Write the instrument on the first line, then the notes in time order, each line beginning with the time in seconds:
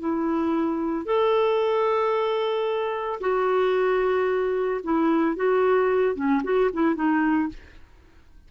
clarinet
0.00 E4
1.06 A4
3.21 F#4
4.84 E4
5.36 F#4
6.16 C#4
6.44 F#4
6.74 E4
6.96 D#4